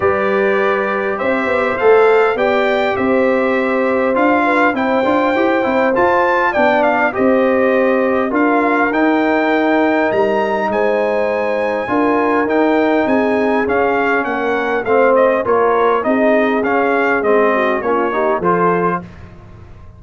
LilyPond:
<<
  \new Staff \with { instrumentName = "trumpet" } { \time 4/4 \tempo 4 = 101 d''2 e''4 f''4 | g''4 e''2 f''4 | g''2 a''4 g''8 f''8 | dis''2 f''4 g''4~ |
g''4 ais''4 gis''2~ | gis''4 g''4 gis''4 f''4 | fis''4 f''8 dis''8 cis''4 dis''4 | f''4 dis''4 cis''4 c''4 | }
  \new Staff \with { instrumentName = "horn" } { \time 4/4 b'2 c''2 | d''4 c''2~ c''8 b'8 | c''2. d''4 | c''2 ais'2~ |
ais'2 c''2 | ais'2 gis'2 | ais'4 c''4 ais'4 gis'4~ | gis'4. fis'8 f'8 g'8 a'4 | }
  \new Staff \with { instrumentName = "trombone" } { \time 4/4 g'2. a'4 | g'2. f'4 | e'8 f'8 g'8 e'8 f'4 d'4 | g'2 f'4 dis'4~ |
dis'1 | f'4 dis'2 cis'4~ | cis'4 c'4 f'4 dis'4 | cis'4 c'4 cis'8 dis'8 f'4 | }
  \new Staff \with { instrumentName = "tuba" } { \time 4/4 g2 c'8 b8 a4 | b4 c'2 d'4 | c'8 d'8 e'8 c'8 f'4 b4 | c'2 d'4 dis'4~ |
dis'4 g4 gis2 | d'4 dis'4 c'4 cis'4 | ais4 a4 ais4 c'4 | cis'4 gis4 ais4 f4 | }
>>